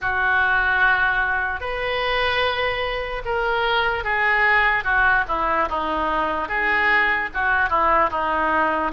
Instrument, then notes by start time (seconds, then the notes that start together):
oboe
0.01 F#4
1.60 B4
3.25 A#4
4.04 G#4
4.84 F#4
5.28 E4
5.69 D#4
6.48 G#4
7.34 F#4
7.69 E4
8.10 D#4